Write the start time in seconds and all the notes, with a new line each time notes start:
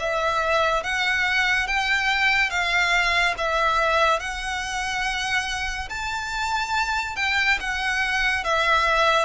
0.00 E5
0.83 F#5
1.67 G5
2.50 F5
3.38 E5
4.20 F#5
5.89 A5
7.16 G5
7.60 F#5
8.44 E5